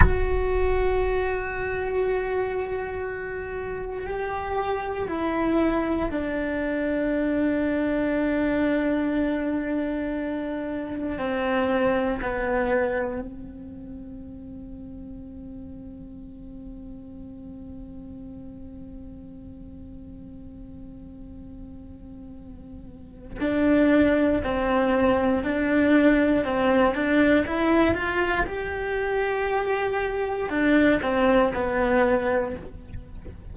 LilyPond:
\new Staff \with { instrumentName = "cello" } { \time 4/4 \tempo 4 = 59 fis'1 | g'4 e'4 d'2~ | d'2. c'4 | b4 c'2.~ |
c'1~ | c'2. d'4 | c'4 d'4 c'8 d'8 e'8 f'8 | g'2 d'8 c'8 b4 | }